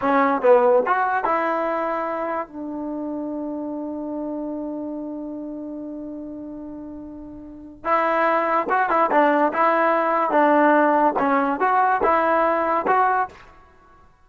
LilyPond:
\new Staff \with { instrumentName = "trombone" } { \time 4/4 \tempo 4 = 145 cis'4 b4 fis'4 e'4~ | e'2 d'2~ | d'1~ | d'1~ |
d'2. e'4~ | e'4 fis'8 e'8 d'4 e'4~ | e'4 d'2 cis'4 | fis'4 e'2 fis'4 | }